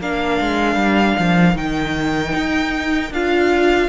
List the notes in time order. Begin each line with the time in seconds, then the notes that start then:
0.00 A#3 D4 A#4 F5
0.41 G#3
0.75 G3
1.19 F3
1.55 D#3 D#4 G5
2.35 D#4
3.11 D4 F4 F5